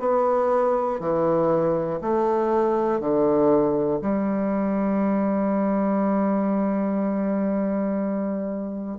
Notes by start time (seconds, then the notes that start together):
0.00 B3
1.00 E3
2.01 A3
3.00 D3
4.02 G3